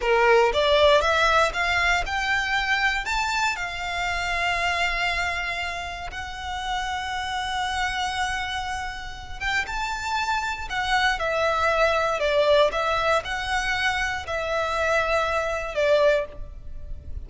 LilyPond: \new Staff \with { instrumentName = "violin" } { \time 4/4 \tempo 4 = 118 ais'4 d''4 e''4 f''4 | g''2 a''4 f''4~ | f''1 | fis''1~ |
fis''2~ fis''8 g''8 a''4~ | a''4 fis''4 e''2 | d''4 e''4 fis''2 | e''2. d''4 | }